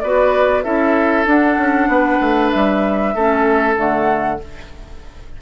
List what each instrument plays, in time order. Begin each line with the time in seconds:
0.00 bassoon B3, clarinet F#4, oboe B4, flute D5
0.63 bassoon C#4, clarinet E4, oboe A4, flute E5
1.26 bassoon D4, clarinet D4, flute F#5
1.57 bassoon C#4
1.88 bassoon B3, oboe B4
2.21 bassoon A3
2.50 bassoon G3, flute E5
3.14 bassoon A3, clarinet C#4, oboe A4
3.76 bassoon D3, clarinet A3, flute F#5